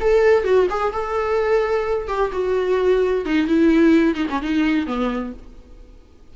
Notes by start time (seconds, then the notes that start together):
0.00 A4
0.44 F#4
0.70 G#4
0.93 A4
2.08 G4
2.32 F#4
3.25 D#4
3.47 E4
4.15 D#4
4.30 C#4
4.41 D#4
4.86 B3